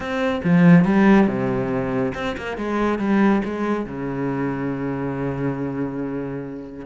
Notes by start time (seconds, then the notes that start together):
0.00 C4
0.44 F3
0.85 G3
1.27 C3
2.14 C4
2.37 A#3
2.57 G#3
2.99 G3
3.44 G#3
3.86 C#3